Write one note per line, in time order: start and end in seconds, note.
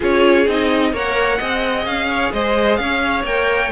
0.00 0.46 C#4
0.00 0.46 F4
0.00 0.91 G#4
0.00 0.47 C#5
0.46 0.92 C4
0.46 0.93 D#4
0.46 0.93 D#5
0.92 1.38 A#3
0.92 1.39 A#4
0.92 1.37 C#5
0.92 1.85 F#5
1.37 1.85 C4
1.37 3.26 G#4
1.37 2.07 D#5
1.85 2.32 C#4
1.85 2.32 F5
2.09 2.32 C#5
2.32 2.78 G#3
2.32 2.79 C5
2.32 2.76 D#5
2.76 3.23 C#4
2.76 3.71 C#5
2.76 3.22 F5
3.23 3.70 A#3
3.23 3.71 A#4
3.23 3.71 G5